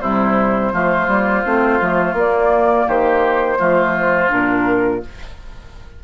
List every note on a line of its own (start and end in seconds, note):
0.00 0.72 C3
0.00 0.72 G3
0.00 0.72 E4
0.00 2.14 C5
0.72 1.07 F3
0.72 1.08 A3
0.72 2.86 F4
1.07 1.43 G3
1.07 1.43 A#3
1.45 1.80 A3
1.45 1.80 C4
1.80 2.13 F3
1.80 2.16 A3
2.13 2.84 A#3
2.13 3.57 A#3
2.13 2.88 D5
2.86 3.59 D#3
2.86 3.58 G4
2.86 4.31 C5
3.57 4.31 F3
3.57 4.29 A3
3.57 5.01 F4
4.29 5.03 A#2
4.29 5.00 D4
4.29 5.03 A#4